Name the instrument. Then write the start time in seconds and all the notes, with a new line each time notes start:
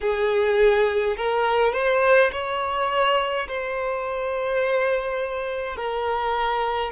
violin
0.01 G#4
1.16 A#4
1.73 C5
2.32 C#5
3.48 C5
5.76 A#4